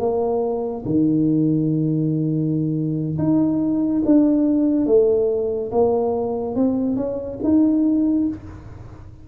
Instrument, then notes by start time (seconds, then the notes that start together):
tuba
0.00 A#3
0.86 D#3
3.18 D#4
4.06 D4
4.87 A3
5.72 A#3
6.55 C4
6.97 C#4
7.44 D#4